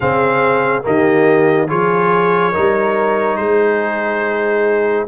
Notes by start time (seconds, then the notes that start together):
0.00 C#3 C4 G#4 F5
0.83 D#3 A#3 G4 D#5
1.67 F3 F4 G#4 C#5
2.51 G3 D#4 A#4
3.36 G#3 G#4 C5